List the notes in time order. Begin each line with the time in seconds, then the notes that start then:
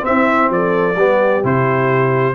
0.00 C4 E5
0.06 C4 E4
0.50 F3 A4 D5
0.95 G3 B3 G4
1.43 C3 E4 C5